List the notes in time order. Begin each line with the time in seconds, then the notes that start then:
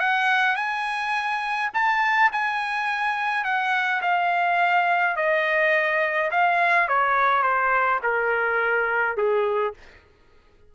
0.00 F#5
0.56 G#5
1.74 A5
2.33 G#5
3.44 F#5
4.02 F5
5.17 D#5
6.31 F5
6.88 C#5
7.43 C5
8.03 A#4
9.17 G#4